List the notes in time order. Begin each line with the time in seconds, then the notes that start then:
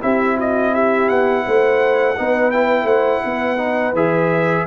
0.00 C4 E4 G4 E5
0.36 F#4 D#5
0.73 G4 E5
1.09 B3 F#5
1.45 A3 C5
2.17 B3 D#4 B4
2.51 E4 G5
2.83 A3 C5 F#5
3.24 B3 B4
3.57 D#4
3.93 E3 G#4 E5